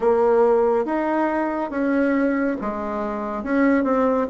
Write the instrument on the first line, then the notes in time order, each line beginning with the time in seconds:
bassoon
0.00 A#3
0.85 D#4
1.70 C#4
2.61 G#3
3.43 C#4
3.84 C4